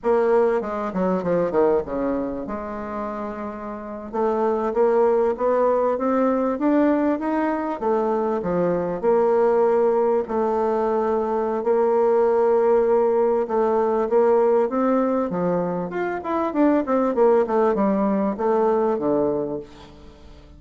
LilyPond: \new Staff \with { instrumentName = "bassoon" } { \time 4/4 \tempo 4 = 98 ais4 gis8 fis8 f8 dis8 cis4 | gis2~ gis8. a4 ais16~ | ais8. b4 c'4 d'4 dis'16~ | dis'8. a4 f4 ais4~ ais16~ |
ais8. a2~ a16 ais4~ | ais2 a4 ais4 | c'4 f4 f'8 e'8 d'8 c'8 | ais8 a8 g4 a4 d4 | }